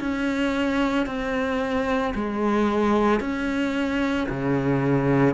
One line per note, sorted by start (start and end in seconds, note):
0.00 1.07 C#4
1.07 2.14 C4
2.15 3.20 G#3
3.20 4.28 C#4
4.30 5.35 C#3